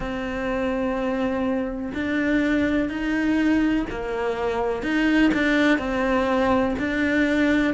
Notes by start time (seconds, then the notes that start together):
0.00 C4
1.94 D4
2.89 D#4
3.89 A#3
4.83 D#4
5.34 D4
5.78 C4
6.78 D4